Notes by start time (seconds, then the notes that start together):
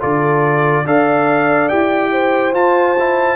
0.00 D3 F4 A4 D5
0.85 D4 A4 D5 F5
1.68 E4 G4 G5
2.12 C5
2.53 F4 A5
2.99 E4